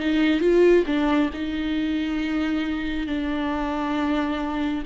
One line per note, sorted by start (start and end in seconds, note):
0.00 0.41 D#4
0.41 0.85 F4
0.87 1.31 D4
1.34 3.07 D#4
3.07 4.84 D4